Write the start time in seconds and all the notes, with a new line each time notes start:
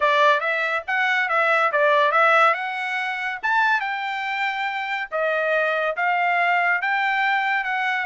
0.00 D5
0.40 E5
0.87 F#5
1.28 E5
1.72 D5
2.11 E5
2.54 F#5
3.42 A5
3.80 G5
5.11 D#5
5.96 F5
6.81 G5
7.64 F#5